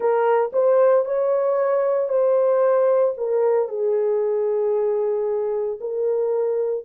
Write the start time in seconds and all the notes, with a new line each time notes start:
0.00 A#4
0.52 C5
1.05 C#5
2.08 C5
3.17 A#4
3.68 G#4
5.80 A#4